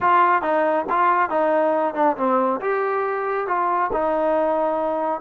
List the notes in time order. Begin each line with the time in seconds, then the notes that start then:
0.00 F4
0.42 D#4
0.89 F4
1.29 D#4
1.94 D4
2.16 C4
2.60 G4
3.47 F4
3.92 D#4